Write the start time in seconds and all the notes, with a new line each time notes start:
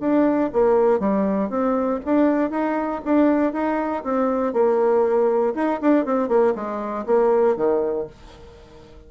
0.00 D4
0.53 A#3
1.00 G3
1.50 C4
2.05 D4
2.51 D#4
3.05 D4
3.53 D#4
4.04 C4
4.53 A#3
5.55 D#4
5.81 D4
6.05 C4
6.28 A#3
6.55 G#3
7.06 A#3
7.56 D#3